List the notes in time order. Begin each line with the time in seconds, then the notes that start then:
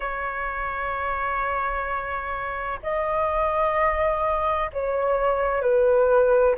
0.00 C#5
2.83 D#5
4.73 C#5
5.61 B4